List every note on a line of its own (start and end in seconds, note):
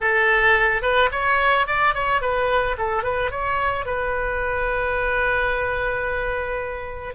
0.01 0.82 A4
0.82 1.09 B4
1.11 1.66 C#5
1.66 1.94 D5
1.94 2.21 C#5
2.21 2.76 B4
2.78 3.03 A4
3.03 3.31 B4
3.31 3.85 C#5
3.85 7.14 B4